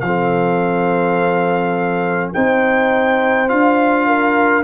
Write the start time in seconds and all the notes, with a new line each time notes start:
0.00 F3 F5
0.06 C4 A4
2.34 C4 D#4 C5 G5
3.48 D4 F4 F5
4.07 A#4